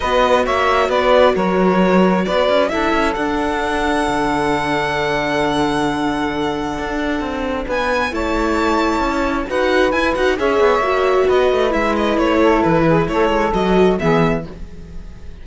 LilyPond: <<
  \new Staff \with { instrumentName = "violin" } { \time 4/4 \tempo 4 = 133 dis''4 e''4 d''4 cis''4~ | cis''4 d''4 e''4 fis''4~ | fis''1~ | fis''1~ |
fis''4 gis''4 a''2~ | a''4 fis''4 gis''8 fis''8 e''4~ | e''4 dis''4 e''8 dis''8 cis''4 | b'4 cis''4 dis''4 e''4 | }
  \new Staff \with { instrumentName = "saxophone" } { \time 4/4 b'4 cis''4 b'4 ais'4~ | ais'4 b'4 a'2~ | a'1~ | a'1~ |
a'4 b'4 cis''2~ | cis''4 b'2 cis''4~ | cis''4 b'2~ b'8 a'8~ | a'8 gis'8 a'2 gis'4 | }
  \new Staff \with { instrumentName = "viola" } { \time 4/4 fis'1~ | fis'2 e'4 d'4~ | d'1~ | d'1~ |
d'2 e'2~ | e'4 fis'4 e'8 fis'8 gis'4 | fis'2 e'2~ | e'2 fis'4 b4 | }
  \new Staff \with { instrumentName = "cello" } { \time 4/4 b4 ais4 b4 fis4~ | fis4 b8 cis'8 d'8 cis'8 d'4~ | d'4 d2.~ | d2. d'4 |
c'4 b4 a2 | cis'4 dis'4 e'8 dis'8 cis'8 b8 | ais4 b8 a8 gis4 a4 | e4 a8 gis8 fis4 e4 | }
>>